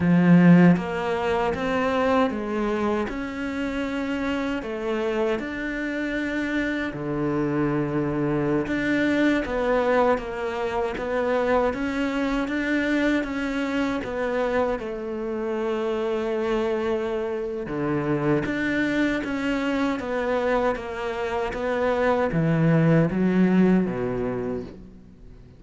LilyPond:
\new Staff \with { instrumentName = "cello" } { \time 4/4 \tempo 4 = 78 f4 ais4 c'4 gis4 | cis'2 a4 d'4~ | d'4 d2~ d16 d'8.~ | d'16 b4 ais4 b4 cis'8.~ |
cis'16 d'4 cis'4 b4 a8.~ | a2. d4 | d'4 cis'4 b4 ais4 | b4 e4 fis4 b,4 | }